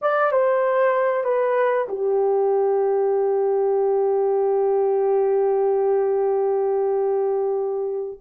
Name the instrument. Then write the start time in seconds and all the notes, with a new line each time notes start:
horn
0.01 D5
0.31 C5
1.24 B4
1.88 G4